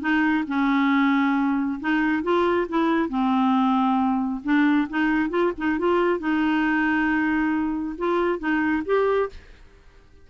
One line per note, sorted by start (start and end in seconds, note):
0.00 0.44 D#4
0.47 1.80 C#4
1.80 2.23 D#4
2.23 2.67 F4
2.68 3.09 E4
3.09 4.41 C4
4.44 4.88 D4
4.89 5.30 D#4
5.30 5.52 F4
5.57 5.78 D#4
5.78 6.19 F4
6.19 7.95 D#4
7.98 8.39 F4
8.39 8.83 D#4
8.85 9.29 G4